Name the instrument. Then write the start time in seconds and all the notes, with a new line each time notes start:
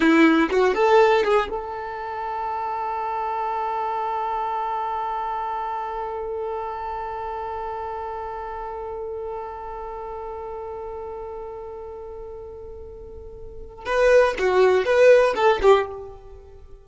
violin
0.00 E4
0.50 F#4
0.74 A4
1.24 G#4
1.49 A4
13.85 B4
14.38 F#4
14.84 B4
15.35 A4
15.62 G4